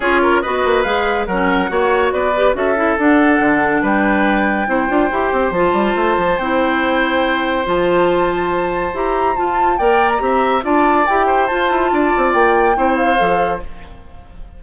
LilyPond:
<<
  \new Staff \with { instrumentName = "flute" } { \time 4/4 \tempo 4 = 141 cis''4 dis''4 f''4 fis''4~ | fis''4 d''4 e''4 fis''4~ | fis''4 g''2.~ | g''4 a''2 g''4~ |
g''2 a''2~ | a''4 ais''4 a''4 g''8. ais''16~ | ais''4 a''4 g''4 a''4~ | a''4 g''4. f''4. | }
  \new Staff \with { instrumentName = "oboe" } { \time 4/4 gis'8 ais'8 b'2 ais'4 | cis''4 b'4 a'2~ | a'4 b'2 c''4~ | c''1~ |
c''1~ | c''2. d''4 | e''4 d''4. c''4. | d''2 c''2 | }
  \new Staff \with { instrumentName = "clarinet" } { \time 4/4 f'4 fis'4 gis'4 cis'4 | fis'4. g'8 fis'8 e'8 d'4~ | d'2. e'8 f'8 | g'4 f'2 e'4~ |
e'2 f'2~ | f'4 g'4 f'4 ais'4 | g'4 f'4 g'4 f'4~ | f'2 e'4 a'4 | }
  \new Staff \with { instrumentName = "bassoon" } { \time 4/4 cis'4 b8 ais8 gis4 fis4 | ais4 b4 cis'4 d'4 | d4 g2 c'8 d'8 | e'8 c'8 f8 g8 a8 f8 c'4~ |
c'2 f2~ | f4 e'4 f'4 ais4 | c'4 d'4 e'4 f'8 e'8 | d'8 c'8 ais4 c'4 f4 | }
>>